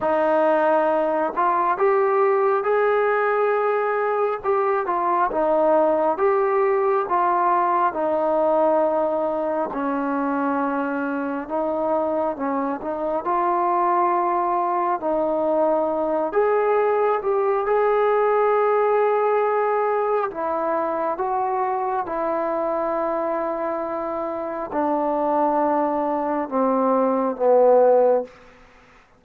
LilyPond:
\new Staff \with { instrumentName = "trombone" } { \time 4/4 \tempo 4 = 68 dis'4. f'8 g'4 gis'4~ | gis'4 g'8 f'8 dis'4 g'4 | f'4 dis'2 cis'4~ | cis'4 dis'4 cis'8 dis'8 f'4~ |
f'4 dis'4. gis'4 g'8 | gis'2. e'4 | fis'4 e'2. | d'2 c'4 b4 | }